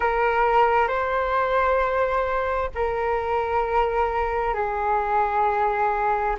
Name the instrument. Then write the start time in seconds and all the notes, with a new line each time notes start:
flute
0.00 A#4
0.88 C5
2.74 A#4
4.54 G#4